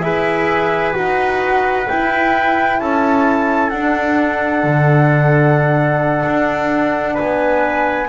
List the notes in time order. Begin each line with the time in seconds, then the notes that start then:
0.00 E4 G#4 B4 E5
0.94 D#4 F#4 F#5
1.88 E4 G5
2.80 C#4 A4 A5
3.70 D4 F#5
4.63 D3
6.26 D4
7.14 B3 B4 G#5